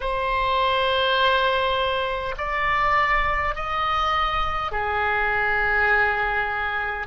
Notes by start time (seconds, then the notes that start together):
0.00 C5
2.37 D5
3.55 D#5
4.71 G#4